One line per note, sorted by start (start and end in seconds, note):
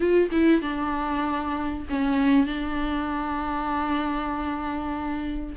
0.00 0.29 F4
0.31 0.61 E4
0.61 1.85 D4
1.89 2.46 C#4
2.46 5.55 D4